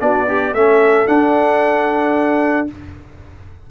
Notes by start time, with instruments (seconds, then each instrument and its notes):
0.00 tuba B3, trombone D4, horn F#4, trumpet D5
0.27 horn D4, trombone G4
0.53 tuba A3, trombone C#4, horn A4, trumpet E5
1.07 trombone D4, tuba D4, trumpet F#5